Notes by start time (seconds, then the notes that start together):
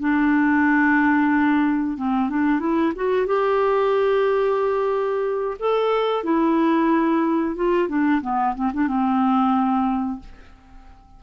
0.00 D4
1.97 C4
2.29 D4
2.60 E4
2.96 F#4
3.26 G4
5.59 A4
6.24 E4
7.56 F4
7.88 D4
8.21 B3
8.55 C4
8.74 D4
8.88 C4